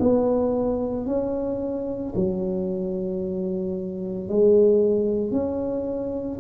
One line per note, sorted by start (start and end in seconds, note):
0.00 1.06 B3
1.06 2.13 C#4
2.16 4.29 F#3
4.29 5.32 G#3
5.32 6.39 C#4